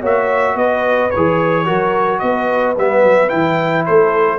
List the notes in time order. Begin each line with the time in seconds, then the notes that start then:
0.00 A#3 F#4 C#5 E5
0.55 B3 B4 D#5
1.11 E3 G#4 C#5
1.66 F#3 F#4 A#4
2.19 B3 B4 D#5
2.78 G3 B3 E5
3.04 F#3
3.29 E3 E4 G5
3.86 A3 A4 C5